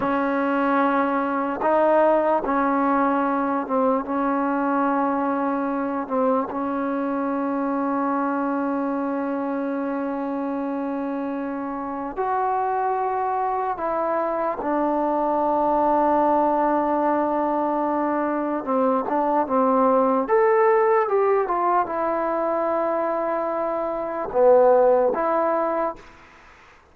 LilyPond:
\new Staff \with { instrumentName = "trombone" } { \time 4/4 \tempo 4 = 74 cis'2 dis'4 cis'4~ | cis'8 c'8 cis'2~ cis'8 c'8 | cis'1~ | cis'2. fis'4~ |
fis'4 e'4 d'2~ | d'2. c'8 d'8 | c'4 a'4 g'8 f'8 e'4~ | e'2 b4 e'4 | }